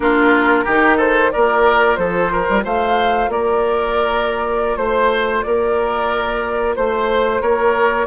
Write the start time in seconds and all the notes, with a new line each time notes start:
0.00 A#3 D4 F4 A#4
0.64 D#3 D#4 G4
0.97 A4 C5
1.31 A#3 F4 A#4 D5
1.95 F3 A4 C5
2.32 A#4
2.49 G3
2.64 A3 C5 F5
3.28 A#3 A#4 D5
4.76 A3 C5
5.42 A#3 A#4 D5
6.76 A3 C5
7.40 A#3 A#4 C#5